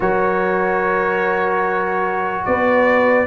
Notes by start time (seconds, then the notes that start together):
0.00 F#3 F#4 A#4 C#5
2.45 B3 B4 D5